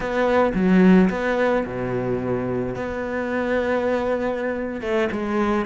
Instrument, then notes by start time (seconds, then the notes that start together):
cello
0.00 B3
0.54 F#3
1.09 B3
1.65 B2
2.75 B3
4.81 A3
5.12 G#3